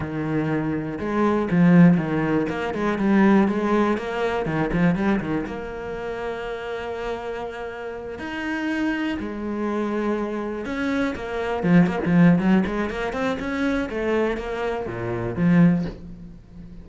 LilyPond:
\new Staff \with { instrumentName = "cello" } { \time 4/4 \tempo 4 = 121 dis2 gis4 f4 | dis4 ais8 gis8 g4 gis4 | ais4 dis8 f8 g8 dis8 ais4~ | ais1~ |
ais8 dis'2 gis4.~ | gis4. cis'4 ais4 f8 | ais16 f8. fis8 gis8 ais8 c'8 cis'4 | a4 ais4 ais,4 f4 | }